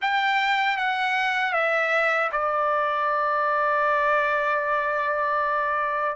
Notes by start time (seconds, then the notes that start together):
0.01 G5
0.77 F#5
1.53 E5
2.31 D5